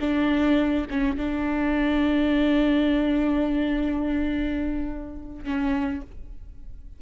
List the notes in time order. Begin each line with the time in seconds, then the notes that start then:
0.00 D4
0.90 C#4
1.17 D4
5.44 C#4